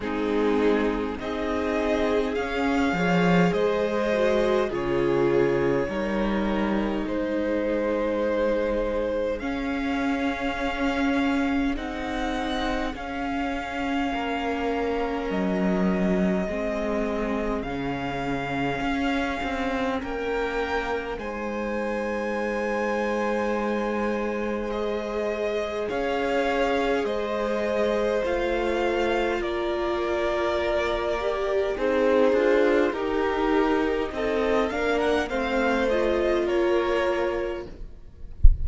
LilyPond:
<<
  \new Staff \with { instrumentName = "violin" } { \time 4/4 \tempo 4 = 51 gis'4 dis''4 f''4 dis''4 | cis''2 c''2 | f''2 fis''4 f''4~ | f''4 dis''2 f''4~ |
f''4 g''4 gis''2~ | gis''4 dis''4 f''4 dis''4 | f''4 d''2 c''4 | ais'4 dis''8 f''16 fis''16 f''8 dis''8 cis''4 | }
  \new Staff \with { instrumentName = "violin" } { \time 4/4 dis'4 gis'4. cis''8 c''4 | gis'4 ais'4 gis'2~ | gis'1 | ais'2 gis'2~ |
gis'4 ais'4 c''2~ | c''2 cis''4 c''4~ | c''4 ais'2 dis'8 f'8 | g'4 a'8 ais'8 c''4 ais'4 | }
  \new Staff \with { instrumentName = "viola" } { \time 4/4 c'4 dis'4 cis'8 gis'4 fis'8 | f'4 dis'2. | cis'2 dis'4 cis'4~ | cis'2 c'4 cis'4~ |
cis'2 dis'2~ | dis'4 gis'2. | f'2~ f'8 g'8 gis'4 | dis'4. d'8 c'8 f'4. | }
  \new Staff \with { instrumentName = "cello" } { \time 4/4 gis4 c'4 cis'8 f8 gis4 | cis4 g4 gis2 | cis'2 c'4 cis'4 | ais4 fis4 gis4 cis4 |
cis'8 c'8 ais4 gis2~ | gis2 cis'4 gis4 | a4 ais2 c'8 d'8 | dis'4 c'8 ais8 a4 ais4 | }
>>